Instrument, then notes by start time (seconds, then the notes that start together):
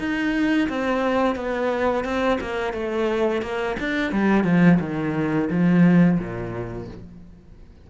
cello
0.00 D#4
0.69 C4
1.36 B3
2.05 C4
2.41 A#3
2.74 A3
3.43 A#3
3.80 D4
4.12 G3
4.45 F3
4.81 D#3
5.50 F3
6.20 A#2